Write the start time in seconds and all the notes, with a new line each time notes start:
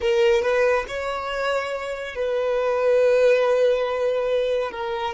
0.00 A#4
0.42 B4
0.88 C#5
2.15 B4
4.71 A#4